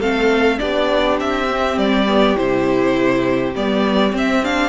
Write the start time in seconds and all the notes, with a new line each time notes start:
0.00 A3 C4 A4 F5
0.58 B3 D4 G4 D5
1.20 C4 E5
1.51 C4
1.78 G3 D5
2.07 B3
2.36 C3 E4 C5
3.55 G3 B3 D5
4.12 C4
4.18 E5
4.43 D4 F5